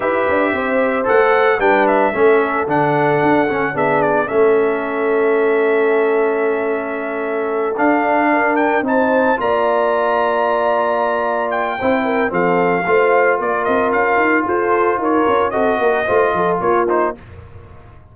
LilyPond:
<<
  \new Staff \with { instrumentName = "trumpet" } { \time 4/4 \tempo 4 = 112 e''2 fis''4 g''8 e''8~ | e''4 fis''2 e''8 d''8 | e''1~ | e''2~ e''8 f''4. |
g''8 a''4 ais''2~ ais''8~ | ais''4. g''4. f''4~ | f''4 d''8 dis''8 f''4 c''4 | cis''4 dis''2 cis''8 c''8 | }
  \new Staff \with { instrumentName = "horn" } { \time 4/4 b'4 c''2 b'4 | a'2. gis'4 | a'1~ | a'2.~ a'8 ais'8~ |
ais'8 c''4 d''2~ d''8~ | d''2 c''8 ais'8 a'4 | c''4 ais'2 a'4 | ais'4 a'8 ais'8 c''8 a'8 f'4 | }
  \new Staff \with { instrumentName = "trombone" } { \time 4/4 g'2 a'4 d'4 | cis'4 d'4. cis'8 d'4 | cis'1~ | cis'2~ cis'8 d'4.~ |
d'8 dis'4 f'2~ f'8~ | f'2 e'4 c'4 | f'1~ | f'4 fis'4 f'4. dis'8 | }
  \new Staff \with { instrumentName = "tuba" } { \time 4/4 e'8 d'8 c'4 a4 g4 | a4 d4 d'8 cis'8 b4 | a1~ | a2~ a8 d'4.~ |
d'8 c'4 ais2~ ais8~ | ais2 c'4 f4 | a4 ais8 c'8 cis'8 dis'8 f'4 | dis'8 cis'8 c'8 ais8 a8 f8 ais4 | }
>>